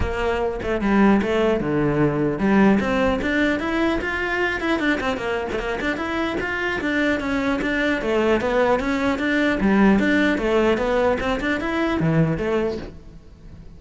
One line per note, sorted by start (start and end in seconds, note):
0.00 0.59 A#3
0.62 0.81 A3
0.81 1.21 G3
1.22 1.60 A3
1.60 2.39 D3
2.39 2.79 G3
2.80 3.20 C4
3.21 3.59 D4
3.59 3.99 E4
4.01 4.60 F4
4.60 4.79 E4
4.79 4.99 D4
5.00 5.17 C4
5.17 5.47 A#3
5.52 5.59 A3
5.59 5.79 A#3
5.81 5.96 D4
5.96 6.36 E4
6.40 6.80 F4
6.80 7.20 D4
7.20 7.60 C#4
7.61 8.01 D4
8.01 8.40 A3
8.40 8.79 B3
8.79 9.18 C#4
9.18 9.58 D4
9.60 9.99 G3
9.99 10.38 D4
10.38 10.77 A3
10.77 11.17 B3
11.19 11.39 C4
11.40 11.60 D4
11.60 12.00 E4
12.00 12.37 E3
12.37 12.77 A3